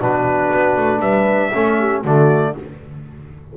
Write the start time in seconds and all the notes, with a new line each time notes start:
0.00 B2 D4 F#4 B4
0.53 B3
0.76 A3
0.99 G3 B4 E5
1.54 A3 C#4 A4
1.79 G4
2.02 D3 A3 F#4 D5